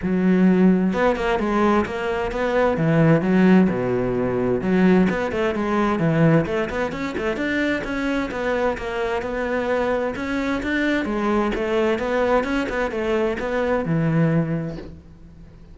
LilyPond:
\new Staff \with { instrumentName = "cello" } { \time 4/4 \tempo 4 = 130 fis2 b8 ais8 gis4 | ais4 b4 e4 fis4 | b,2 fis4 b8 a8 | gis4 e4 a8 b8 cis'8 a8 |
d'4 cis'4 b4 ais4 | b2 cis'4 d'4 | gis4 a4 b4 cis'8 b8 | a4 b4 e2 | }